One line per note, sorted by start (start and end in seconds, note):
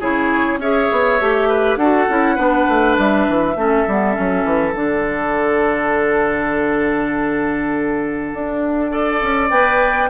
0.00 0.58 C#3
0.00 0.60 E4
0.00 0.59 G#4
0.00 0.60 C#5
0.58 0.88 C#4
0.58 1.20 G#4
0.58 1.49 C#5
0.58 1.76 E5
0.92 1.21 B3
1.20 1.76 A3
1.20 1.80 G4
1.49 1.78 B4
1.76 2.06 D4
1.76 2.10 F#4
1.76 2.36 A4
1.76 2.95 F#5
2.10 2.38 C#4
2.10 2.37 E4
2.36 2.68 B3
2.36 3.56 D4
2.36 3.55 B4
2.68 2.98 A3
2.98 3.28 G3
2.98 4.75 E5
3.29 3.56 E3
3.56 3.85 A3
3.56 3.87 C#4
3.56 8.91 A4
3.88 4.17 G3
3.88 4.13 B3
4.13 4.44 F#3
4.13 4.73 C#4
4.44 4.74 E3
4.75 8.32 D3
4.75 8.91 D4
4.75 9.50 F#5
8.34 9.22 D4
8.91 9.50 A4
8.91 10.10 D5
9.22 9.50 C#4
9.50 10.10 B3
9.50 10.10 B4
9.50 10.09 G5